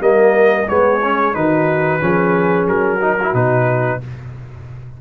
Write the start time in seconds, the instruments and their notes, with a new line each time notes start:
0.00 tuba G3, trombone A#3, horn A#4, trumpet D#5
0.68 tuba G#3, trombone B3, horn G#4, trumpet C#5
1.03 trombone C#4
1.34 tuba D#3, trombone D#4, horn F#4, trumpet B4
2.00 tuba F3, trombone C#4, horn G#4
2.67 tuba F#3, trumpet A#4
2.98 trombone D#4, horn F#4
3.22 trombone E4
3.34 tuba B2, trombone D#4, trumpet B4